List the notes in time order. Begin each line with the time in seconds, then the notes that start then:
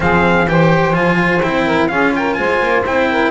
0.00 F3 C4 G#4 F5
0.46 E3 G4 C5 G5
0.93 F3 F4 G#5
1.42 C4 E4 G5
1.65 A#4
1.88 C#4 F4 G#4 F5
2.15 A#4 G5
2.34 G#3 C5 G#5
2.62 A#3
2.86 C4 E4 G5
3.10 A#4